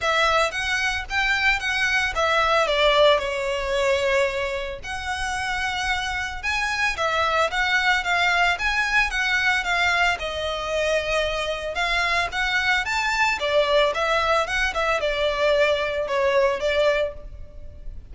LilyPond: \new Staff \with { instrumentName = "violin" } { \time 4/4 \tempo 4 = 112 e''4 fis''4 g''4 fis''4 | e''4 d''4 cis''2~ | cis''4 fis''2. | gis''4 e''4 fis''4 f''4 |
gis''4 fis''4 f''4 dis''4~ | dis''2 f''4 fis''4 | a''4 d''4 e''4 fis''8 e''8 | d''2 cis''4 d''4 | }